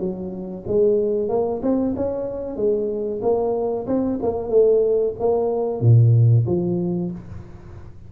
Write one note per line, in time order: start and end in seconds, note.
0.00 0.65 F#3
0.68 1.29 G#3
1.29 1.62 A#3
1.63 1.95 C4
1.96 2.57 C#4
2.57 3.21 G#3
3.23 3.87 A#3
3.87 4.20 C4
4.23 4.50 A#3
4.50 5.15 A3
5.20 5.82 A#3
5.82 6.46 A#2
6.47 7.11 F3